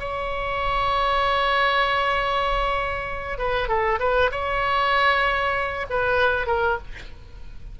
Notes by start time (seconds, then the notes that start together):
0.00 C#5
3.38 B4
3.68 A4
4.00 B4
4.32 C#5
5.90 B4
6.47 A#4